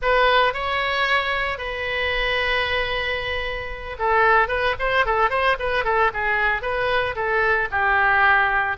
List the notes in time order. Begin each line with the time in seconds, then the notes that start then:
0.01 B4
0.53 C#5
1.58 B4
3.98 A4
4.48 B4
4.79 C5
5.05 A4
5.30 C5
5.59 B4
5.84 A4
6.13 G#4
6.62 B4
7.15 A4
7.71 G4